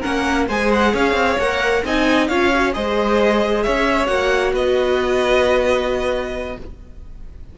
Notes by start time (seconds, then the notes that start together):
0.00 A#3 C#4 A#4 F#5
0.48 G#3 G#4 C5 G#5
0.73 F#5
0.93 C#4 C#5 F5
1.14 C4
1.38 A#3 A#4 F#5
1.84 C4 D#4 D#5 G#5
2.28 C#4 F4 C#5 F5
2.55 F#4
2.73 G#3 G#4 C5 D#5
3.63 C#4 C#5 E5
4.05 A#3 F#4 F#5
4.53 B3 B4 D#5